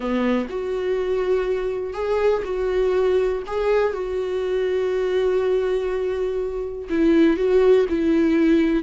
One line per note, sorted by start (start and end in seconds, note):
0.00 0.47 B3
0.49 1.93 F#4
1.93 2.42 G#4
2.44 3.42 F#4
3.46 3.93 G#4
3.93 6.88 F#4
6.89 7.36 E4
7.36 7.86 F#4
7.89 8.83 E4